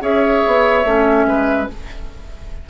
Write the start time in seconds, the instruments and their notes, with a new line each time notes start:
0.00 bassoon C#4, clarinet G#4, oboe C#5, flute E5
0.46 bassoon B3
0.84 bassoon A3, clarinet C#4
1.25 bassoon G#3, oboe B4